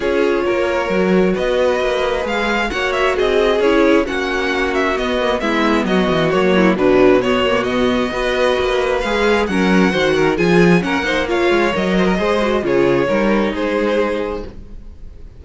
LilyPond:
<<
  \new Staff \with { instrumentName = "violin" } { \time 4/4 \tempo 4 = 133 cis''2. dis''4~ | dis''4 f''4 fis''8 e''8 dis''4 | cis''4 fis''4. e''8 dis''4 | e''4 dis''4 cis''4 b'4 |
cis''4 dis''2. | f''4 fis''2 gis''4 | fis''4 f''4 dis''2 | cis''2 c''2 | }
  \new Staff \with { instrumentName = "violin" } { \time 4/4 gis'4 ais'2 b'4~ | b'2 cis''4 gis'4~ | gis'4 fis'2. | e'4 fis'4. e'8 d'4 |
fis'2 b'2~ | b'4 ais'4 c''8 ais'8 gis'4 | ais'8 c''8 cis''4. c''16 ais'16 c''4 | gis'4 ais'4 gis'2 | }
  \new Staff \with { instrumentName = "viola" } { \time 4/4 f'2 fis'2~ | fis'4 gis'4 fis'2 | e'4 cis'2 b8 ais8 | b2 ais4 fis4 |
b8 ais8 b4 fis'2 | gis'4 cis'4 fis'4 f'4 | cis'8 dis'8 f'4 ais'4 gis'8 fis'8 | f'4 dis'2. | }
  \new Staff \with { instrumentName = "cello" } { \time 4/4 cis'4 ais4 fis4 b4 | ais4 gis4 ais4 c'4 | cis'4 ais2 b4 | gis4 fis8 e8 fis4 b,4~ |
b,2 b4 ais4 | gis4 fis4 dis4 f4 | ais4. gis8 fis4 gis4 | cis4 g4 gis2 | }
>>